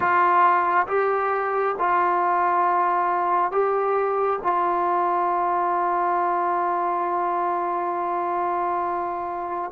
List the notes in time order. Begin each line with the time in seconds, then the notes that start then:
0.00 F4
0.87 G4
1.78 F4
3.51 G4
4.42 F4